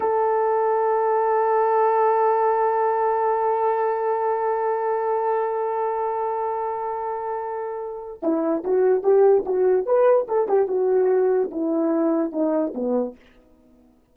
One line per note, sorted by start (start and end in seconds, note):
0.00 8.19 A4
8.22 8.63 E4
8.64 9.03 F#4
9.03 9.44 G4
9.45 9.86 F#4
9.86 10.27 B4
10.28 10.48 A4
10.48 10.67 G4
10.67 11.50 F#4
11.51 12.32 E4
12.32 12.73 D#4
12.74 13.15 B3